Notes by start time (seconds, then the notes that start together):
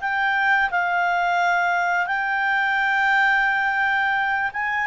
0.00 G5
0.70 F5
2.06 G5
4.53 G#5